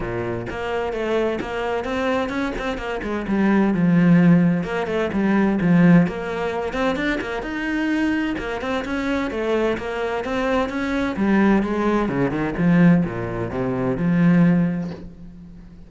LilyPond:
\new Staff \with { instrumentName = "cello" } { \time 4/4 \tempo 4 = 129 ais,4 ais4 a4 ais4 | c'4 cis'8 c'8 ais8 gis8 g4 | f2 ais8 a8 g4 | f4 ais4. c'8 d'8 ais8 |
dis'2 ais8 c'8 cis'4 | a4 ais4 c'4 cis'4 | g4 gis4 cis8 dis8 f4 | ais,4 c4 f2 | }